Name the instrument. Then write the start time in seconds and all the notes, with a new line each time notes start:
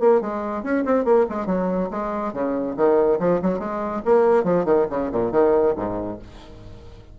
bassoon
0.00 A#3
0.21 G#3
0.63 C#4
0.85 C4
1.05 A#3
1.29 G#3
1.46 F#3
1.91 G#3
2.33 C#3
2.77 D#3
3.20 F3
3.42 F#3
3.59 G#3
4.05 A#3
4.44 F3
4.65 D#3
4.90 C#3
5.12 A#2
5.32 D#3
5.76 G#2